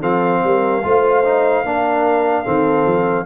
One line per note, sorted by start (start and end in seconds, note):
0.00 0.43 F3
0.00 0.82 C4
0.00 0.41 A4
0.00 3.26 F5
0.44 0.84 G3
0.44 0.85 A#4
0.83 1.64 A3
0.83 1.24 F4
0.83 1.64 C5
1.24 1.65 D#4
1.64 2.45 A#3
1.64 2.44 D4
1.64 2.43 A#4
2.43 2.86 D#3
2.43 3.26 C4
2.43 3.24 A4
2.86 3.26 F3